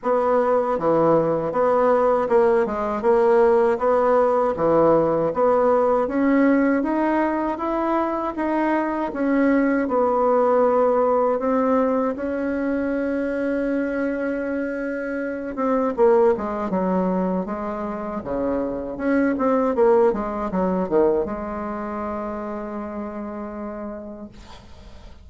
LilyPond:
\new Staff \with { instrumentName = "bassoon" } { \time 4/4 \tempo 4 = 79 b4 e4 b4 ais8 gis8 | ais4 b4 e4 b4 | cis'4 dis'4 e'4 dis'4 | cis'4 b2 c'4 |
cis'1~ | cis'8 c'8 ais8 gis8 fis4 gis4 | cis4 cis'8 c'8 ais8 gis8 fis8 dis8 | gis1 | }